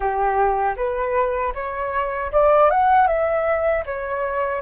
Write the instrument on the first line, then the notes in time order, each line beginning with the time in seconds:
flute
0.00 G4
0.76 B4
1.54 C#5
2.31 D5
2.70 F#5
3.07 E5
3.85 C#5